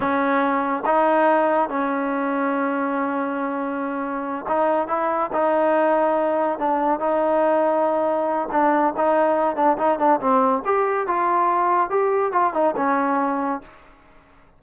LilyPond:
\new Staff \with { instrumentName = "trombone" } { \time 4/4 \tempo 4 = 141 cis'2 dis'2 | cis'1~ | cis'2~ cis'8 dis'4 e'8~ | e'8 dis'2. d'8~ |
d'8 dis'2.~ dis'8 | d'4 dis'4. d'8 dis'8 d'8 | c'4 g'4 f'2 | g'4 f'8 dis'8 cis'2 | }